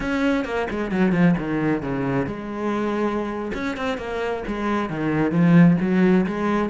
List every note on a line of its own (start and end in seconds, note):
0.00 0.44 C#4
0.44 0.67 A#3
0.70 0.91 G#3
0.91 1.12 F#3
1.12 1.34 F3
1.37 1.82 D#3
1.82 2.26 C#3
2.26 3.51 G#3
3.54 3.76 C#4
3.76 3.97 C4
3.97 4.43 A#3
4.47 4.89 G#3
4.89 5.31 D#3
5.31 5.76 F3
5.80 6.26 F#3
6.26 6.69 G#3